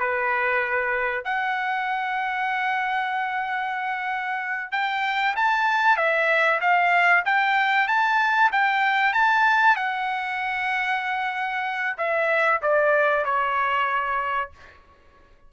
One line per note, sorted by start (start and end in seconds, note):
0.00 1.25 B4
1.25 4.72 F#5
4.72 5.35 G5
5.36 5.97 A5
5.97 6.61 E5
6.61 7.24 F5
7.25 7.88 G5
7.88 8.51 A5
8.52 9.13 G5
9.13 9.76 A5
9.76 11.97 F#5
11.98 12.61 E5
12.62 13.25 D5
13.25 14.51 C#5